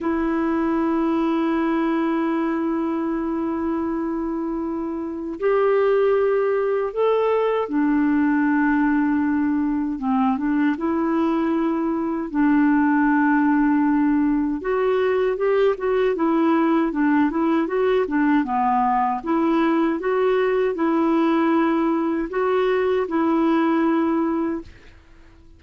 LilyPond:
\new Staff \with { instrumentName = "clarinet" } { \time 4/4 \tempo 4 = 78 e'1~ | e'2. g'4~ | g'4 a'4 d'2~ | d'4 c'8 d'8 e'2 |
d'2. fis'4 | g'8 fis'8 e'4 d'8 e'8 fis'8 d'8 | b4 e'4 fis'4 e'4~ | e'4 fis'4 e'2 | }